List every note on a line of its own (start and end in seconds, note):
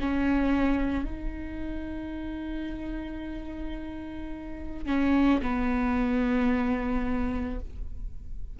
0.00 1.05 C#4
1.05 4.86 D#4
4.86 5.40 C#4
5.41 7.60 B3